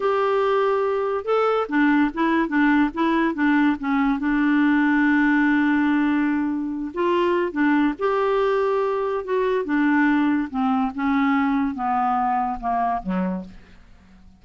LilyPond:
\new Staff \with { instrumentName = "clarinet" } { \time 4/4 \tempo 4 = 143 g'2. a'4 | d'4 e'4 d'4 e'4 | d'4 cis'4 d'2~ | d'1~ |
d'8 f'4. d'4 g'4~ | g'2 fis'4 d'4~ | d'4 c'4 cis'2 | b2 ais4 fis4 | }